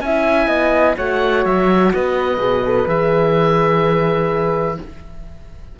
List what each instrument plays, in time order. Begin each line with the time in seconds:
0.00 cello C#4, horn E4, flute E5, oboe G#5
0.47 cello B3, flute D#5
0.96 cello A3, horn F#4, flute C#5, oboe F#5
1.45 cello F#3, oboe E5
1.93 cello B3, flute B4, oboe D#5
2.37 cello B2, horn G#4
2.64 horn A4
2.87 cello E3, horn G#4, oboe E5